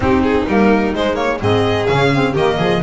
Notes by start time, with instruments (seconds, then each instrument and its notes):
0.00 double bass C4, saxophone C4, violin D#4 G4
0.22 violin G#4
0.47 double bass G3, saxophone A#3, violin A#4
0.94 saxophone G#3, double bass G#3, violin C5
1.15 saxophone A#3, violin C#5
1.38 double bass G#2, saxophone C4, violin G#4 D#5
1.86 double bass C#3, saxophone C#4, violin F5
2.13 saxophone C4
2.32 double bass D#3, saxophone A#3, violin G4 D#5
2.58 double bass F3, violin G#4